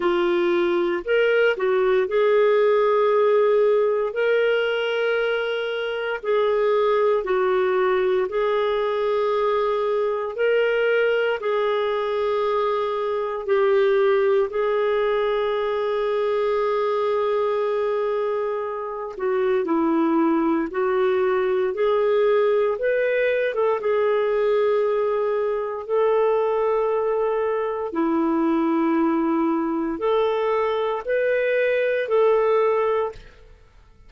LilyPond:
\new Staff \with { instrumentName = "clarinet" } { \time 4/4 \tempo 4 = 58 f'4 ais'8 fis'8 gis'2 | ais'2 gis'4 fis'4 | gis'2 ais'4 gis'4~ | gis'4 g'4 gis'2~ |
gis'2~ gis'8 fis'8 e'4 | fis'4 gis'4 b'8. a'16 gis'4~ | gis'4 a'2 e'4~ | e'4 a'4 b'4 a'4 | }